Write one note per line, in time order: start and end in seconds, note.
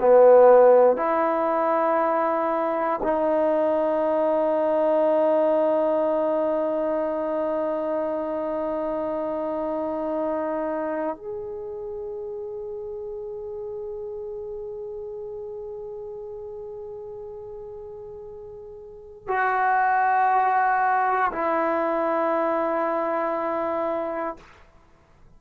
0.00 0.97 B3
0.97 3.00 E4
3.03 11.17 D#4
11.17 19.28 G#4
19.28 21.31 F#4
21.32 24.37 E4